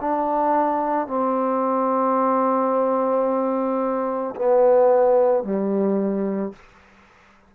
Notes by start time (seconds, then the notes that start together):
0.00 D4
1.07 C4
4.35 B3
5.43 G3